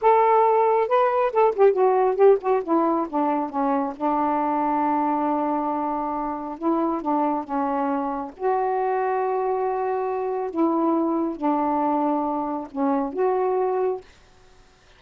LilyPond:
\new Staff \with { instrumentName = "saxophone" } { \time 4/4 \tempo 4 = 137 a'2 b'4 a'8 g'8 | fis'4 g'8 fis'8 e'4 d'4 | cis'4 d'2.~ | d'2. e'4 |
d'4 cis'2 fis'4~ | fis'1 | e'2 d'2~ | d'4 cis'4 fis'2 | }